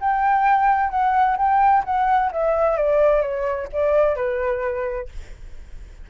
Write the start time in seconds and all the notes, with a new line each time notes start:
0.00 G5
0.90 F#5
1.37 G5
1.84 F#5
2.32 E5
2.77 D5
3.21 C#5
3.72 D5
4.15 B4